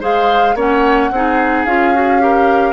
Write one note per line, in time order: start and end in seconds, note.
0.00 0.54 G#3
0.00 0.55 G#4
0.00 0.55 C5
0.00 0.57 F5
0.54 1.09 A#3
0.54 1.11 C#4
0.54 1.10 C#5
0.54 1.65 F#5
1.11 1.65 C4
1.11 1.67 D#4
1.11 2.22 G#4
1.65 2.72 C#4
1.65 1.94 F4
1.65 2.72 F5
1.94 2.20 F#4
2.20 2.72 G4
2.20 2.72 A#4